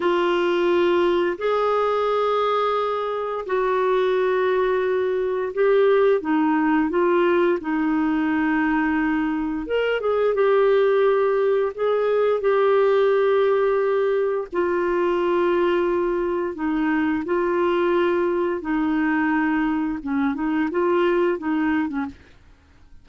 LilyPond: \new Staff \with { instrumentName = "clarinet" } { \time 4/4 \tempo 4 = 87 f'2 gis'2~ | gis'4 fis'2. | g'4 dis'4 f'4 dis'4~ | dis'2 ais'8 gis'8 g'4~ |
g'4 gis'4 g'2~ | g'4 f'2. | dis'4 f'2 dis'4~ | dis'4 cis'8 dis'8 f'4 dis'8. cis'16 | }